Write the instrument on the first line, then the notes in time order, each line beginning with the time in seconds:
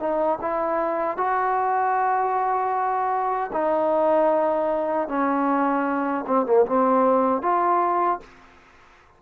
trombone
0.00 D#4
0.41 E4
1.17 F#4
3.52 D#4
5.08 C#4
6.27 C4
6.46 A#3
6.66 C4
7.42 F4